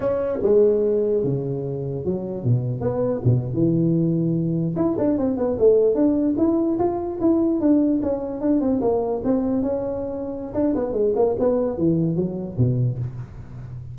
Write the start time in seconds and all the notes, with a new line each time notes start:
0.00 C#4
0.42 G#3
1.23 C#3
2.04 F#3
2.43 B2
2.80 B3
3.24 B2
3.53 E3
4.76 E4
4.98 D4
5.18 C4
5.37 B3
5.58 A3
5.94 D4
6.37 E4
6.79 F4
7.20 E4
7.60 D4
8.02 C#4
8.40 D4
8.60 C4
8.81 A#3
9.24 C4
9.62 C#4
10.54 D4
10.75 B3
10.93 G#3
11.15 A#3
11.39 B3
11.77 E3
12.16 F#3
12.57 B2